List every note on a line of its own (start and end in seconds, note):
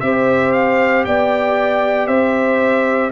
0.00 1.05 C4
0.00 3.11 G4
0.00 1.07 C5
0.00 0.52 E5
0.52 1.04 F5
1.05 2.07 B3
1.05 2.08 D5
1.05 2.07 G5
2.07 3.10 C4
2.07 3.11 C5
2.07 3.11 E5